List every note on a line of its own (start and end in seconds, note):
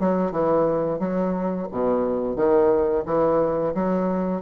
0.00 0.32 F#3
0.32 1.00 E3
1.00 1.68 F#3
1.72 2.36 B2
2.36 3.05 D#3
3.06 3.74 E3
3.75 4.42 F#3